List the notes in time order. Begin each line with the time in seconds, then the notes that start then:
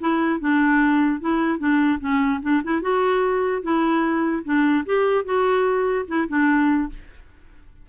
0.00 E4
0.40 D4
1.20 E4
1.58 D4
2.00 C#4
2.42 D4
2.63 E4
2.81 F#4
3.62 E4
4.44 D4
4.85 G4
5.24 F#4
6.07 E4
6.28 D4